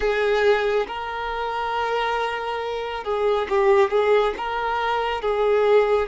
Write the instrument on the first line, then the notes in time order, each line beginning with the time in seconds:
violin
0.00 G#4
0.87 A#4
3.04 G#4
3.49 G4
3.90 G#4
4.37 A#4
5.21 G#4